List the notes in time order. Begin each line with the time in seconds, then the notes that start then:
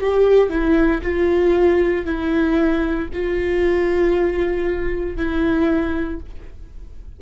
0.00 G4
0.50 E4
1.03 F4
2.06 E4
3.14 F4
5.17 E4